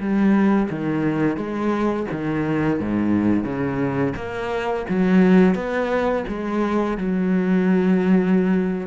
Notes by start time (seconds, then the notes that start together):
0.00 G3
0.71 D#3
1.37 G#3
2.12 D#3
2.80 G#2
3.44 C#3
4.16 A#3
4.89 F#3
5.55 B3
6.29 G#3
6.98 F#3